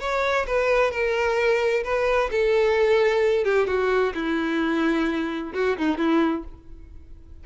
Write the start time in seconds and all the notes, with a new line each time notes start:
0.00 C#5
0.47 B4
0.91 A#4
1.84 B4
2.31 A4
3.44 G4
3.67 F#4
4.14 E4
5.54 F#4
5.78 D#4
5.98 E4